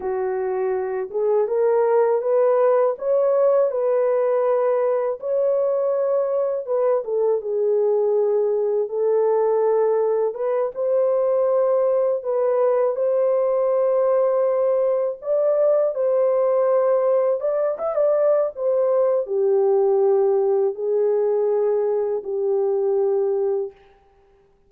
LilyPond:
\new Staff \with { instrumentName = "horn" } { \time 4/4 \tempo 4 = 81 fis'4. gis'8 ais'4 b'4 | cis''4 b'2 cis''4~ | cis''4 b'8 a'8 gis'2 | a'2 b'8 c''4.~ |
c''8 b'4 c''2~ c''8~ | c''8 d''4 c''2 d''8 | e''16 d''8. c''4 g'2 | gis'2 g'2 | }